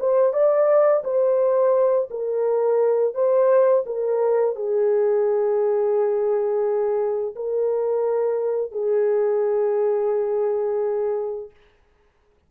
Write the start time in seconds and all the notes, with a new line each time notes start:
0.00 C5
0.33 D5
1.04 C5
2.11 A#4
3.15 C5
3.86 A#4
4.56 G#4
7.36 A#4
8.72 G#4